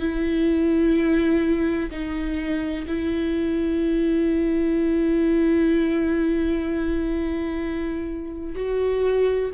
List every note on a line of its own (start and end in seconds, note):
0.00 1.90 E4
1.91 2.86 D#4
2.88 8.56 E4
8.56 9.51 F#4